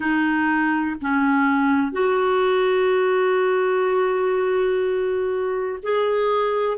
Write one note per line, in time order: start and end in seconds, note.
0.00 0.96 D#4
1.01 1.92 C#4
1.92 5.79 F#4
5.82 6.77 G#4